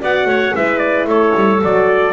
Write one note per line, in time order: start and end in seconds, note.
0.00 0.26 B3
0.00 0.53 F#4
0.00 0.28 D5
0.00 0.56 F#5
0.26 0.52 A3
0.26 0.55 C#5
0.53 1.05 G#3
0.53 1.60 E4
0.53 1.08 B4
0.53 0.78 E5
0.78 1.05 D5
1.05 1.32 A3
1.05 2.13 A4
1.05 1.63 C#5
1.36 1.62 G3
1.63 2.13 F#3
1.63 2.13 F#4
1.63 2.13 D5